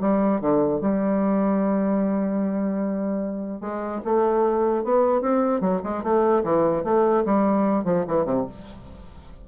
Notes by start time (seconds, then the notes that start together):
0.00 G3
0.40 D3
0.80 G3
3.60 G#3
4.04 A3
4.84 B3
5.21 C4
5.60 F#3
5.83 G#3
6.03 A3
6.43 E3
6.83 A3
7.25 G3
7.84 F3
8.07 E3
8.25 C3